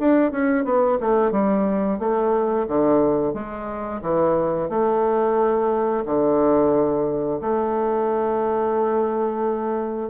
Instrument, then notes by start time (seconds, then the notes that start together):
bassoon
0.00 D4
0.32 C#4
0.65 B3
1.01 A3
1.32 G3
1.99 A3
2.68 D3
3.34 G#3
4.02 E3
4.70 A3
6.06 D3
7.41 A3